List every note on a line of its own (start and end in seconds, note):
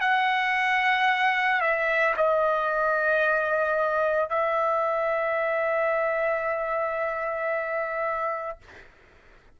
0.00 1.61 F#5
1.61 2.14 E5
2.17 4.30 D#5
4.30 8.58 E5